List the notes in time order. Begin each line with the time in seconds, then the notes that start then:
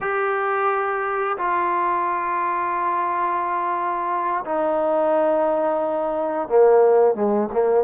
0.00 G4
1.37 F4
4.45 D#4
6.48 A#3
7.14 G#3
7.52 A#3